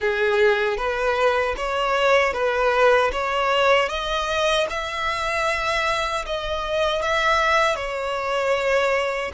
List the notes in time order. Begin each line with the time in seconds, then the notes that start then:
0.00 G#4
0.77 B4
1.57 C#5
2.33 B4
3.12 C#5
3.88 D#5
4.69 E5
6.26 D#5
7.02 E5
7.75 C#5